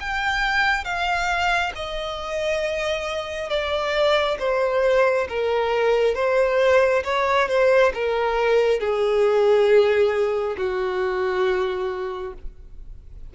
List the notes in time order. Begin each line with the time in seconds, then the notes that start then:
0.00 G5
0.84 F5
1.75 D#5
3.49 D5
4.39 C5
5.29 A#4
6.15 C5
7.04 C#5
7.48 C5
7.94 A#4
8.80 G#4
10.57 F#4